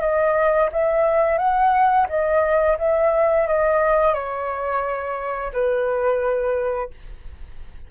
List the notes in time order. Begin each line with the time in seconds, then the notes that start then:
0.00 D#5
0.72 E5
1.38 F#5
2.08 D#5
2.78 E5
3.47 D#5
4.14 C#5
5.52 B4